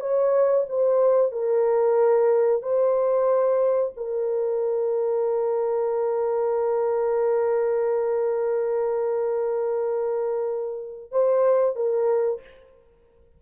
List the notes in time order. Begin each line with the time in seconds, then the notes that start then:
0.00 C#5
0.69 C5
1.32 A#4
2.62 C5
3.96 A#4
11.11 C5
11.75 A#4